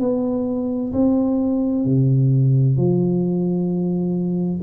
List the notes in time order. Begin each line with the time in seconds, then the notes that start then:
0.00 B3
0.93 C4
1.85 C3
2.77 F3